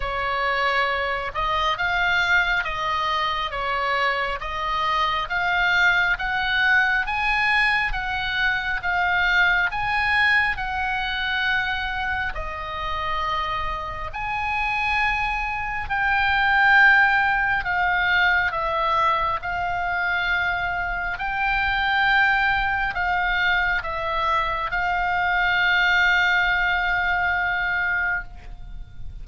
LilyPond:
\new Staff \with { instrumentName = "oboe" } { \time 4/4 \tempo 4 = 68 cis''4. dis''8 f''4 dis''4 | cis''4 dis''4 f''4 fis''4 | gis''4 fis''4 f''4 gis''4 | fis''2 dis''2 |
gis''2 g''2 | f''4 e''4 f''2 | g''2 f''4 e''4 | f''1 | }